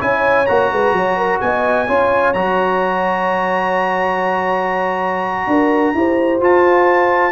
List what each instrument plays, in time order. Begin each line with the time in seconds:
0.00 tuba C#4, trombone E4, horn C#5, trumpet G#5
0.46 tuba A#3, trombone F#4, trumpet A#5
0.72 tuba G#3, horn B4
0.93 tuba F#3, horn C#5
1.17 horn A#4
1.41 tuba B3, horn D#5, trumpet G#5
1.87 tuba C#4, trombone F4, horn C#5
2.33 tuba F#3, trombone F#4, trumpet A#5
5.47 tuba D4, horn A#4
5.94 tuba E4, trombone G4, horn C5
6.40 tuba F4, trombone F4, trumpet A5